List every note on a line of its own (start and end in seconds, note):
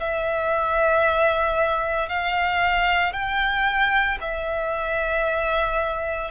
0.00 2.09 E5
2.09 3.12 F5
3.12 4.18 G5
4.21 6.31 E5